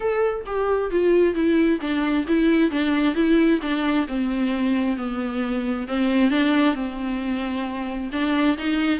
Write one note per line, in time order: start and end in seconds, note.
0.00 0.44 A4
0.46 0.90 G4
0.90 1.34 F4
1.34 1.79 E4
1.80 2.26 D4
2.27 2.71 E4
2.71 3.14 D4
3.14 3.59 E4
3.61 4.06 D4
4.07 4.96 C4
4.96 5.87 B3
5.87 6.30 C4
6.30 6.74 D4
6.74 8.10 C4
8.12 8.57 D4
8.57 9.00 D#4